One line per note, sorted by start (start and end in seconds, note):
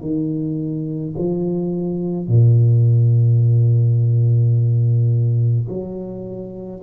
0.00 1.13 D#3
1.17 2.27 F3
2.27 5.67 A#2
5.69 6.82 F#3